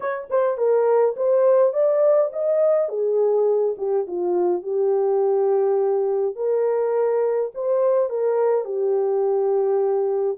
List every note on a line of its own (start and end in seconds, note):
0.00 0.28 C#5
0.30 0.57 C5
0.57 1.15 A#4
1.16 1.73 C5
1.73 2.31 D5
2.32 2.88 D#5
2.88 3.75 G#4
3.77 4.06 G4
4.07 4.62 F4
4.62 6.35 G4
6.35 7.51 A#4
7.54 8.09 C5
8.09 8.65 A#4
8.65 10.38 G4